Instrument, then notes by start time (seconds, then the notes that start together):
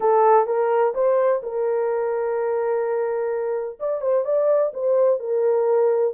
horn
0.00 A4
0.46 A#4
0.94 C5
1.42 A#4
3.79 D5
4.01 C5
4.24 D5
4.73 C5
5.19 A#4